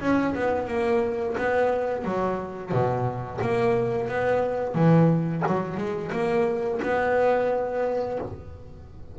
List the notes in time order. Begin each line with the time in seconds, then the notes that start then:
0.00 C#4
0.34 B3
0.68 A#3
1.37 B3
2.04 F#3
2.71 B2
3.41 A#3
4.08 B3
4.74 E3
5.46 F#3
5.77 G#3
6.12 A#3
6.82 B3